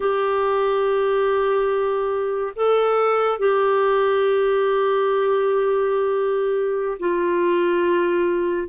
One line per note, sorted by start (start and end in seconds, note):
0.00 2.54 G4
2.55 3.38 A4
3.38 6.98 G4
6.99 8.68 F4